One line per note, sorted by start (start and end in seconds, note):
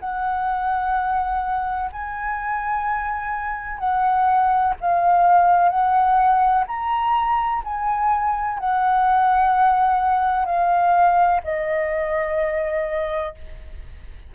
0.00 1.90 F#5
1.93 3.79 G#5
3.79 4.74 F#5
4.81 5.69 F5
5.69 6.65 F#5
6.68 7.63 A#5
7.65 8.59 G#5
8.59 10.46 F#5
10.46 11.41 F5
11.44 13.35 D#5